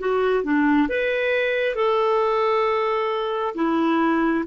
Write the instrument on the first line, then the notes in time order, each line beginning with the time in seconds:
clarinet
0.00 F#4
0.44 D4
0.90 B4
1.76 A4
3.55 E4